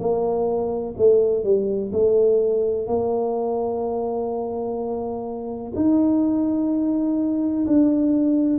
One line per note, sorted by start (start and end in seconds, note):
0.00 0.95 A#3
0.97 1.44 A3
1.44 1.91 G3
1.92 2.87 A3
2.87 5.73 A#3
5.75 7.66 D#4
7.67 8.59 D4